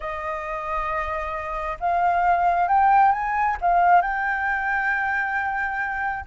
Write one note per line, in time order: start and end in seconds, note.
0.00 1.77 D#5
1.80 2.68 F5
2.68 3.12 G5
3.12 3.57 G#5
3.61 4.01 F5
4.01 6.25 G5